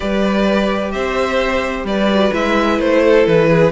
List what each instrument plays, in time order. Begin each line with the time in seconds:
0.00 cello G3, viola G4, violin B4 D5
0.91 cello C4, violin C5 E5
1.84 cello G3, violin B4 D5
2.11 viola F#4
2.32 cello G#3, viola E4, violin E5
2.79 cello A3, violin C5
3.03 violin A4
3.26 cello E3, violin B4
3.49 violin G#4